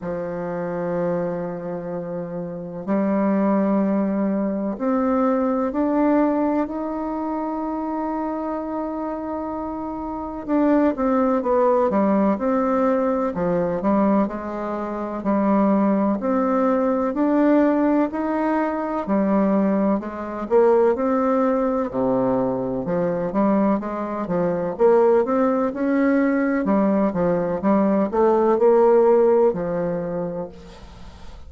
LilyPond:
\new Staff \with { instrumentName = "bassoon" } { \time 4/4 \tempo 4 = 63 f2. g4~ | g4 c'4 d'4 dis'4~ | dis'2. d'8 c'8 | b8 g8 c'4 f8 g8 gis4 |
g4 c'4 d'4 dis'4 | g4 gis8 ais8 c'4 c4 | f8 g8 gis8 f8 ais8 c'8 cis'4 | g8 f8 g8 a8 ais4 f4 | }